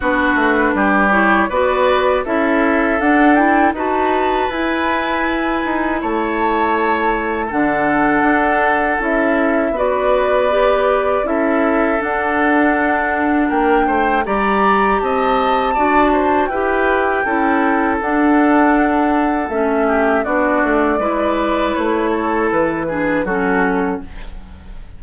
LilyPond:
<<
  \new Staff \with { instrumentName = "flute" } { \time 4/4 \tempo 4 = 80 b'4. cis''8 d''4 e''4 | fis''8 g''8 a''4 gis''2 | a''2 fis''2 | e''4 d''2 e''4 |
fis''2 g''4 ais''4 | a''2 g''2 | fis''2 e''4 d''4~ | d''4 cis''4 b'4 a'4 | }
  \new Staff \with { instrumentName = "oboe" } { \time 4/4 fis'4 g'4 b'4 a'4~ | a'4 b'2. | cis''2 a'2~ | a'4 b'2 a'4~ |
a'2 ais'8 c''8 d''4 | dis''4 d''8 c''8 b'4 a'4~ | a'2~ a'8 g'8 fis'4 | b'4. a'4 gis'8 fis'4 | }
  \new Staff \with { instrumentName = "clarinet" } { \time 4/4 d'4. e'8 fis'4 e'4 | d'8 e'8 fis'4 e'2~ | e'2 d'2 | e'4 fis'4 g'4 e'4 |
d'2. g'4~ | g'4 fis'4 g'4 e'4 | d'2 cis'4 d'4 | e'2~ e'8 d'8 cis'4 | }
  \new Staff \with { instrumentName = "bassoon" } { \time 4/4 b8 a8 g4 b4 cis'4 | d'4 dis'4 e'4. dis'8 | a2 d4 d'4 | cis'4 b2 cis'4 |
d'2 ais8 a8 g4 | c'4 d'4 e'4 cis'4 | d'2 a4 b8 a8 | gis4 a4 e4 fis4 | }
>>